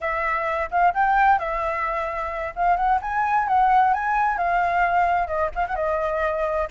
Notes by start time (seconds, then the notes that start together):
0.00 E5
0.70 F5
0.93 G5
1.38 E5
2.55 F5
2.76 F#5
3.01 G#5
3.47 F#5
3.93 G#5
4.37 F5
5.27 D#5
5.55 F5
5.67 F#5
5.75 D#5